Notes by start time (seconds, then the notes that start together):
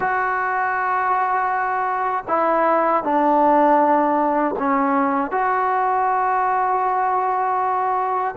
0.00 F#4
2.27 E4
3.03 D4
4.58 C#4
5.31 F#4